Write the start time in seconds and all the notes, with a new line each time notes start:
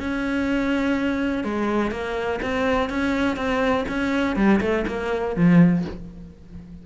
0.00 C#4
1.44 G#3
1.91 A#3
2.42 C4
2.90 C#4
3.37 C4
3.89 C#4
4.36 G3
4.61 A3
4.88 A#3
5.36 F3